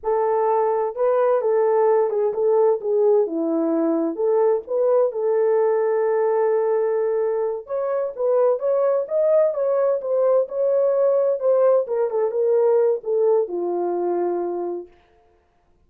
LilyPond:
\new Staff \with { instrumentName = "horn" } { \time 4/4 \tempo 4 = 129 a'2 b'4 a'4~ | a'8 gis'8 a'4 gis'4 e'4~ | e'4 a'4 b'4 a'4~ | a'1~ |
a'8 cis''4 b'4 cis''4 dis''8~ | dis''8 cis''4 c''4 cis''4.~ | cis''8 c''4 ais'8 a'8 ais'4. | a'4 f'2. | }